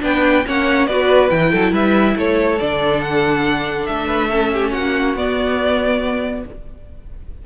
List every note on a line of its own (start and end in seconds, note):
0.00 0.45 B3
0.00 0.43 D4
0.00 0.45 B4
0.00 0.47 G5
0.45 0.87 A#3
0.45 0.88 C#4
0.45 0.88 C#5
0.45 0.86 F#5
0.86 1.30 B3
0.86 1.29 F#4
0.86 1.52 B4
0.86 1.29 D5
1.29 1.52 E3
1.29 2.58 E4
1.29 1.72 G5
1.52 1.71 F#3
1.52 1.71 A4
1.71 2.14 G3
1.71 2.14 B4
1.71 2.17 E5
2.16 2.59 A3
2.16 4.06 A4
2.16 2.58 C#5
2.58 3.88 D3
2.58 4.30 D4
2.58 3.01 D5
3.01 3.85 F#5
3.85 4.74 A3
3.85 4.71 E5
4.06 4.28 B4
4.29 5.16 C#4
4.29 4.50 A4
4.53 4.71 G4
4.71 5.15 A#3
4.71 6.42 F#4
4.71 5.15 F#5
5.15 6.44 B3
5.15 6.46 B3
5.15 6.45 D5